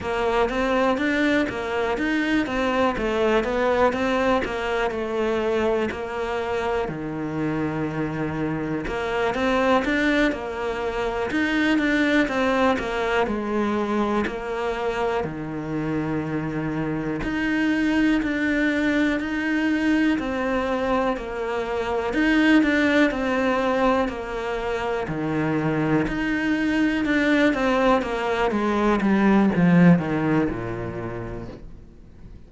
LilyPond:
\new Staff \with { instrumentName = "cello" } { \time 4/4 \tempo 4 = 61 ais8 c'8 d'8 ais8 dis'8 c'8 a8 b8 | c'8 ais8 a4 ais4 dis4~ | dis4 ais8 c'8 d'8 ais4 dis'8 | d'8 c'8 ais8 gis4 ais4 dis8~ |
dis4. dis'4 d'4 dis'8~ | dis'8 c'4 ais4 dis'8 d'8 c'8~ | c'8 ais4 dis4 dis'4 d'8 | c'8 ais8 gis8 g8 f8 dis8 ais,4 | }